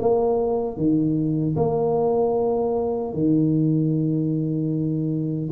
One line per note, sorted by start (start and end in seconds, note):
0.00 0.77 A#3
0.77 1.56 D#3
1.56 3.14 A#3
3.14 5.50 D#3